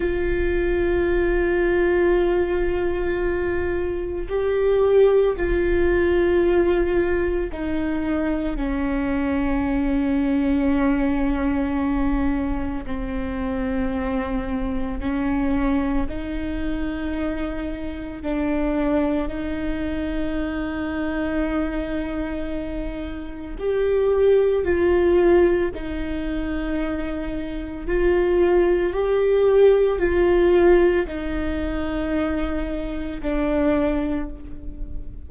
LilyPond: \new Staff \with { instrumentName = "viola" } { \time 4/4 \tempo 4 = 56 f'1 | g'4 f'2 dis'4 | cis'1 | c'2 cis'4 dis'4~ |
dis'4 d'4 dis'2~ | dis'2 g'4 f'4 | dis'2 f'4 g'4 | f'4 dis'2 d'4 | }